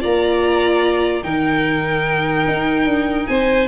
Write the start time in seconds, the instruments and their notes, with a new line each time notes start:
0.00 tuba A#3, viola F4, violin D5 A#5
1.23 tuba D#3, viola D#4, violin A#4 G5
2.47 tuba D#4
2.85 tuba D4
3.27 tuba C4, violin C5 G#5